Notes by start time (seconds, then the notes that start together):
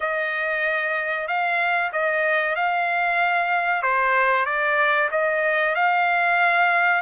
0.00 D#5
1.27 F5
1.92 D#5
2.55 F5
3.82 C5
4.45 D5
5.11 D#5
5.75 F5